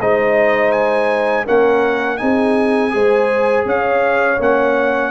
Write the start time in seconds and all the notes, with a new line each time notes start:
0.00 G#3 D#4 C5 D#5
0.72 G#5
1.45 A#3 C#4 A#4 F#5
2.18 C4 D#4 G#4 G#5
2.91 G#3 G#4 C5
3.65 C#4 C#5 F5
4.39 A#3 C#4 F#5